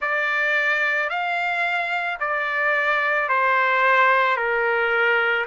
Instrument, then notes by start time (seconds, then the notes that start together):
trumpet
0.00 D5
1.09 F5
2.20 D5
3.28 C5
4.36 A#4